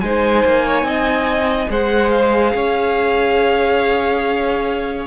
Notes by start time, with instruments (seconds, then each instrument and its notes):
0.00 cello G#3, viola D#4, violin C5 G#5
0.45 cello A#3
0.65 violin C#5
0.82 cello C4, violin D#5
1.68 cello G#3, viola G#4, violin C5 F#5
2.10 violin F5
2.54 cello C#4, violin C#5